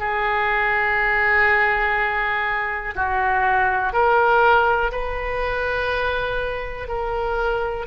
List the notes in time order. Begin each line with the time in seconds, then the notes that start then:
0.00 G#4
2.96 F#4
3.93 A#4
4.92 B4
6.89 A#4